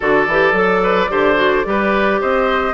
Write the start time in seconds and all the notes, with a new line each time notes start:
0.00 D3 F#4 A4 D5
0.27 E3 G4
0.52 F#3 A4
0.82 B4
1.09 D3 G4 C5
1.35 F#4
1.64 G3 G4 B4
2.21 C4 C5 D#5